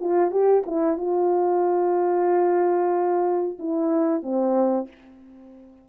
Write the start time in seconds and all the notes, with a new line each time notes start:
0.00 F4
0.31 G4
0.66 E4
0.97 F4
3.59 E4
4.23 C4